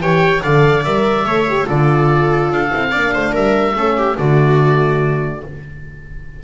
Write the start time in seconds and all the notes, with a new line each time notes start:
0.00 E3 G4 C#5 G5
0.42 D3 A4 D5 F5
0.84 G3 A#4 E5
1.25 A3 A4 C#5
1.48 G4
1.65 D3 F4 A4 D5
2.51 D4 F5
2.70 C4 E4
2.91 A#3 D4 D5
3.14 A3 C5
3.32 G3 A#4 E5
3.74 A3 C#4 A4
3.97 G4
4.16 D3 A3 F#4 D5